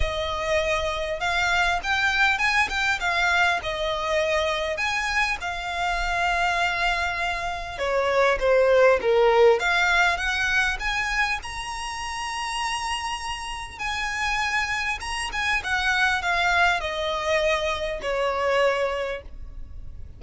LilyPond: \new Staff \with { instrumentName = "violin" } { \time 4/4 \tempo 4 = 100 dis''2 f''4 g''4 | gis''8 g''8 f''4 dis''2 | gis''4 f''2.~ | f''4 cis''4 c''4 ais'4 |
f''4 fis''4 gis''4 ais''4~ | ais''2. gis''4~ | gis''4 ais''8 gis''8 fis''4 f''4 | dis''2 cis''2 | }